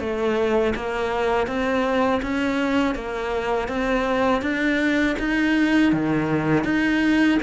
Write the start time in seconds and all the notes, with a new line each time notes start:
0.00 A3
0.75 A#3
1.47 C4
2.23 C#4
2.95 A#3
3.68 C4
4.42 D4
5.19 D#4
5.93 D#3
6.64 D#4